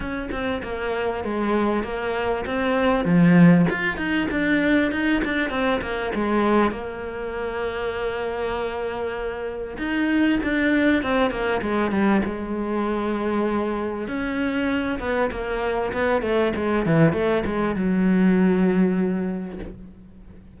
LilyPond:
\new Staff \with { instrumentName = "cello" } { \time 4/4 \tempo 4 = 98 cis'8 c'8 ais4 gis4 ais4 | c'4 f4 f'8 dis'8 d'4 | dis'8 d'8 c'8 ais8 gis4 ais4~ | ais1 |
dis'4 d'4 c'8 ais8 gis8 g8 | gis2. cis'4~ | cis'8 b8 ais4 b8 a8 gis8 e8 | a8 gis8 fis2. | }